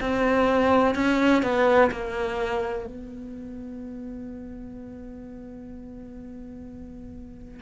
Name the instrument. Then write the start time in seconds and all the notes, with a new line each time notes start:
cello
0.00 C4
0.95 C#4
1.42 B3
1.91 A#3
2.86 B3